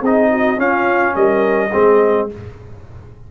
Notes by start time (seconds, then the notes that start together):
0.00 C4 D#4 G#4 D#5
0.30 F#4
0.57 C#4 F4 F5
1.15 G3 A#4 D#5
1.69 G#3 C4 G#4